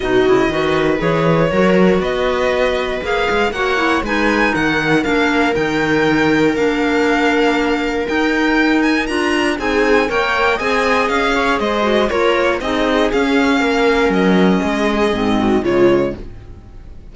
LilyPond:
<<
  \new Staff \with { instrumentName = "violin" } { \time 4/4 \tempo 4 = 119 dis''2 cis''2 | dis''2 f''4 fis''4 | gis''4 fis''4 f''4 g''4~ | g''4 f''2. |
g''4. gis''8 ais''4 gis''4 | g''4 gis''4 f''4 dis''4 | cis''4 dis''4 f''2 | dis''2. cis''4 | }
  \new Staff \with { instrumentName = "viola" } { \time 4/4 fis'4 b'2 ais'4 | b'2. cis''4 | b'4 ais'2.~ | ais'1~ |
ais'2. gis'4 | cis''4 dis''4. cis''8 c''4 | ais'4 gis'2 ais'4~ | ais'4 gis'4. fis'8 f'4 | }
  \new Staff \with { instrumentName = "clarinet" } { \time 4/4 dis'8 e'8 fis'4 gis'4 fis'4~ | fis'2 gis'4 fis'8 e'8 | dis'2 d'4 dis'4~ | dis'4 d'2. |
dis'2 f'4 dis'4 | ais'4 gis'2~ gis'8 fis'8 | f'4 dis'4 cis'2~ | cis'2 c'4 gis4 | }
  \new Staff \with { instrumentName = "cello" } { \time 4/4 b,8 cis8 dis4 e4 fis4 | b2 ais8 gis8 ais4 | gis4 dis4 ais4 dis4~ | dis4 ais2. |
dis'2 d'4 c'4 | ais4 c'4 cis'4 gis4 | ais4 c'4 cis'4 ais4 | fis4 gis4 gis,4 cis4 | }
>>